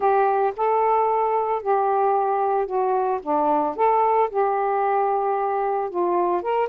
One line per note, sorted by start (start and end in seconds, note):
0.00 0.53 G4
0.56 1.62 A4
1.62 2.66 G4
2.66 3.19 F#4
3.22 3.75 D4
3.75 4.29 A4
4.30 5.90 G4
5.90 6.42 F4
6.42 6.68 A#4